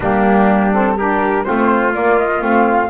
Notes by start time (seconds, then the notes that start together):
0.00 G3 A#3 D4 G4
0.72 C4 A4
0.97 D4 G4 A#4
1.44 A3 C4 F4 C5
1.92 A#3 D5
2.18 D#5
2.40 A3 C4 F5